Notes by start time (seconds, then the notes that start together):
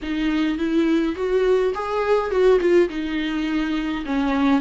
0.02 D#4
0.58 E4
1.15 F#4
1.74 G#4
2.31 F#4
2.60 F4
2.89 D#4
4.05 C#4